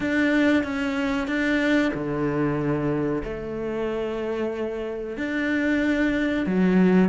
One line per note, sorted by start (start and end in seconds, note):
0.00 0.63 D4
0.63 1.27 C#4
1.27 1.92 D4
1.94 3.23 D3
3.23 5.17 A3
5.17 6.46 D4
6.46 7.09 F#3